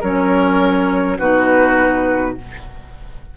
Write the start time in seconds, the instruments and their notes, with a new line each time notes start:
0.00 bassoon F#3, clarinet C#4, oboe A#4, flute C#5
1.18 bassoon B2, clarinet D#4, oboe F#4, flute B4